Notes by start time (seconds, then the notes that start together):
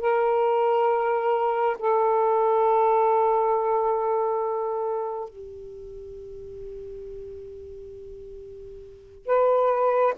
0.00 A#4
1.78 A4
5.29 G4
9.26 B4